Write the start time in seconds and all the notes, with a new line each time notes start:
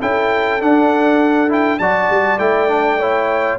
0.00 C#4 E4 A4 G5
0.60 D4 F#5
1.48 E4 G5
1.79 F#3 F#4 D5 A5
2.09 G3
2.38 A3 E4 G5
2.68 D4
2.99 E4 C#5